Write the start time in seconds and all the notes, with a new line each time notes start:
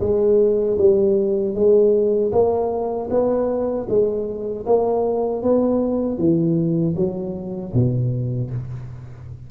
0.00 G#3
0.78 G3
1.55 G#3
2.32 A#3
3.10 B3
3.89 G#3
4.66 A#3
5.43 B3
6.18 E3
6.96 F#3
7.74 B2